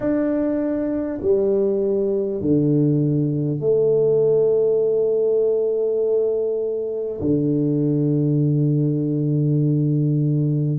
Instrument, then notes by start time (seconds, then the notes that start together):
tuba
0.00 D4
1.21 G3
2.40 D3
3.59 A3
7.20 D3